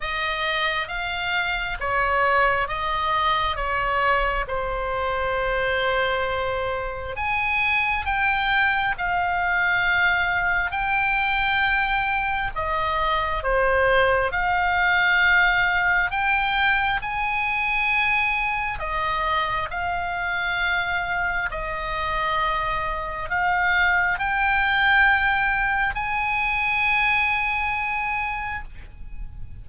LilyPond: \new Staff \with { instrumentName = "oboe" } { \time 4/4 \tempo 4 = 67 dis''4 f''4 cis''4 dis''4 | cis''4 c''2. | gis''4 g''4 f''2 | g''2 dis''4 c''4 |
f''2 g''4 gis''4~ | gis''4 dis''4 f''2 | dis''2 f''4 g''4~ | g''4 gis''2. | }